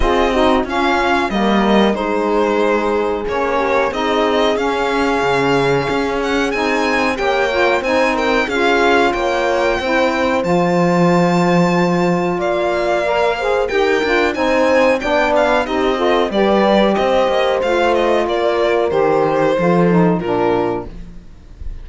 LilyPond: <<
  \new Staff \with { instrumentName = "violin" } { \time 4/4 \tempo 4 = 92 dis''4 f''4 dis''4 c''4~ | c''4 cis''4 dis''4 f''4~ | f''4. fis''8 gis''4 g''4 | gis''8 g''8 f''4 g''2 |
a''2. f''4~ | f''4 g''4 gis''4 g''8 f''8 | dis''4 d''4 dis''4 f''8 dis''8 | d''4 c''2 ais'4 | }
  \new Staff \with { instrumentName = "horn" } { \time 4/4 gis'8 fis'8 f'4 ais'4 gis'4~ | gis'4. g'8 gis'2~ | gis'2. cis''4 | c''8 ais'8 gis'4 cis''4 c''4~ |
c''2. d''4~ | d''8 c''8 ais'4 c''4 d''4 | g'8 a'8 b'4 c''2 | ais'2 a'4 f'4 | }
  \new Staff \with { instrumentName = "saxophone" } { \time 4/4 f'8 dis'8 cis'4 ais4 dis'4~ | dis'4 cis'4 dis'4 cis'4~ | cis'2 dis'4 g'8 f'8 | dis'4 f'2 e'4 |
f'1 | ais'8 gis'8 g'8 f'8 dis'4 d'4 | dis'8 f'8 g'2 f'4~ | f'4 g'4 f'8 dis'8 d'4 | }
  \new Staff \with { instrumentName = "cello" } { \time 4/4 c'4 cis'4 g4 gis4~ | gis4 ais4 c'4 cis'4 | cis4 cis'4 c'4 ais4 | c'4 cis'4 ais4 c'4 |
f2. ais4~ | ais4 dis'8 d'8 c'4 b4 | c'4 g4 c'8 ais8 a4 | ais4 dis4 f4 ais,4 | }
>>